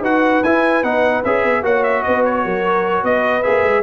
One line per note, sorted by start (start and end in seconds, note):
0.00 0.41 D#4
0.00 0.44 F#4
0.00 1.60 B4
0.00 0.44 F#5
0.44 0.83 E4
0.44 0.84 E4
0.44 0.83 G#5
0.83 1.23 B3
0.83 1.24 D#4
0.83 1.23 F#5
1.24 1.44 C#4
1.24 1.63 G#4
1.24 1.64 E5
1.44 1.62 B3
1.62 2.02 A#3
1.62 3.43 F#4
1.62 2.04 C#5
1.62 1.83 F#5
1.83 2.03 E5
2.03 2.45 B3
2.03 2.44 B4
2.03 2.23 D#5
2.25 3.05 C#5
2.44 3.03 F#3
2.44 3.04 A#4
3.03 3.43 B3
3.03 3.83 B4
3.03 3.43 D#5
3.43 3.64 A#3
3.43 3.83 G#4
3.43 3.83 E5
3.64 3.83 G#3